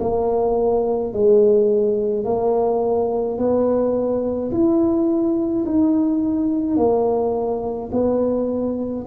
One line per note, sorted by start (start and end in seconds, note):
0.00 1.13 A#3
1.13 2.25 G#3
2.25 3.38 A#3
3.38 4.51 B3
4.52 5.65 E4
5.66 6.77 D#4
6.77 7.90 A#3
7.92 9.05 B3